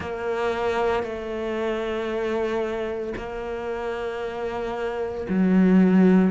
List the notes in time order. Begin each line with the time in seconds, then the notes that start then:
0.00 A#3
1.03 A3
3.16 A#3
5.29 F#3